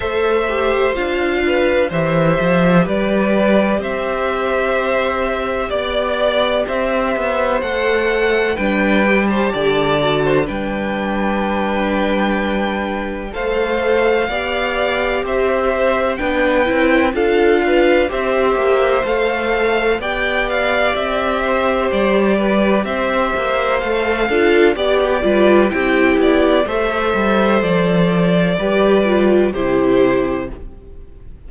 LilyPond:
<<
  \new Staff \with { instrumentName = "violin" } { \time 4/4 \tempo 4 = 63 e''4 f''4 e''4 d''4 | e''2 d''4 e''4 | fis''4 g''8. a''4~ a''16 g''4~ | g''2 f''2 |
e''4 g''4 f''4 e''4 | f''4 g''8 f''8 e''4 d''4 | e''4 f''4 d''4 g''8 d''8 | e''4 d''2 c''4 | }
  \new Staff \with { instrumentName = "violin" } { \time 4/4 c''4. b'8 c''4 b'4 | c''2 d''4 c''4~ | c''4 b'8. c''16 d''8. c''16 b'4~ | b'2 c''4 d''4 |
c''4 b'4 a'8 b'8 c''4~ | c''4 d''4. c''4 b'8 | c''4. a'8 d''16 g'16 b'8 g'4 | c''2 b'4 g'4 | }
  \new Staff \with { instrumentName = "viola" } { \time 4/4 a'8 g'8 f'4 g'2~ | g'1 | a'4 d'8 g'4 fis'8 d'4~ | d'2 a'4 g'4~ |
g'4 d'8 e'8 f'4 g'4 | a'4 g'2.~ | g'4 a'8 f'8 g'8 f'8 e'4 | a'2 g'8 f'8 e'4 | }
  \new Staff \with { instrumentName = "cello" } { \time 4/4 a4 d'4 e8 f8 g4 | c'2 b4 c'8 b8 | a4 g4 d4 g4~ | g2 a4 b4 |
c'4 b8 c'8 d'4 c'8 ais8 | a4 b4 c'4 g4 | c'8 ais8 a8 d'8 b8 g8 c'8 b8 | a8 g8 f4 g4 c4 | }
>>